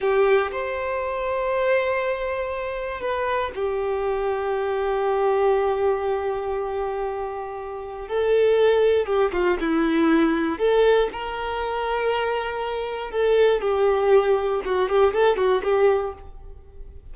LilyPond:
\new Staff \with { instrumentName = "violin" } { \time 4/4 \tempo 4 = 119 g'4 c''2.~ | c''2 b'4 g'4~ | g'1~ | g'1 |
a'2 g'8 f'8 e'4~ | e'4 a'4 ais'2~ | ais'2 a'4 g'4~ | g'4 fis'8 g'8 a'8 fis'8 g'4 | }